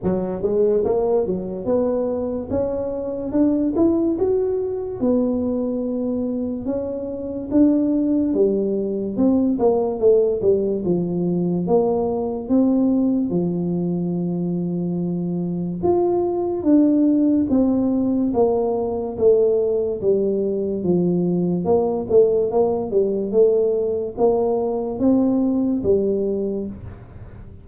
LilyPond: \new Staff \with { instrumentName = "tuba" } { \time 4/4 \tempo 4 = 72 fis8 gis8 ais8 fis8 b4 cis'4 | d'8 e'8 fis'4 b2 | cis'4 d'4 g4 c'8 ais8 | a8 g8 f4 ais4 c'4 |
f2. f'4 | d'4 c'4 ais4 a4 | g4 f4 ais8 a8 ais8 g8 | a4 ais4 c'4 g4 | }